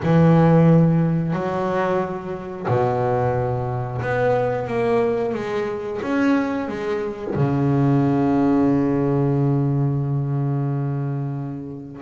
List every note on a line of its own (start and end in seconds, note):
0.02 1.33 E3
1.33 2.66 F#3
2.67 4.01 B2
4.01 4.67 B3
4.67 5.33 A#3
5.34 6.00 G#3
6.02 6.68 C#4
6.68 7.34 G#3
7.35 12.01 C#3